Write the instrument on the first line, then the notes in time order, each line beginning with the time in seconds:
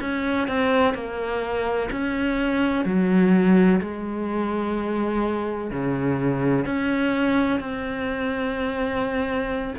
cello
0.00 C#4
0.48 C4
0.94 A#3
1.91 C#4
2.85 F#3
3.80 G#3
5.71 C#3
6.65 C#4
7.59 C4